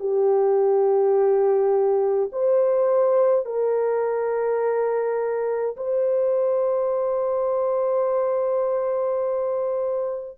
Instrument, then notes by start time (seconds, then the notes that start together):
horn
0.00 G4
2.32 C5
3.46 A#4
5.77 C5